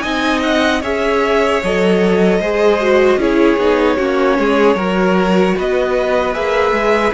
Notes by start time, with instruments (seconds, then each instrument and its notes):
0.00 cello C4, viola D#4, violin D#5 G#5
0.43 violin F#5
0.81 cello C#4, viola G#4, violin C#5 E5
1.63 cello F#3, viola A4, violin D#5
2.40 cello G#3, viola G#4, violin C5
2.80 viola F#4
3.17 cello C#4, viola E4, violin G#4 C#5
3.57 cello B3, viola D#4
3.97 cello A#3, viola C#4, violin F#4
4.39 cello G#3, violin G#4
4.75 cello F#3, viola F#4, violin A#4
5.57 cello B3, violin B4 D#5
6.34 cello A#3, viola G#4, violin E5
6.72 cello G#3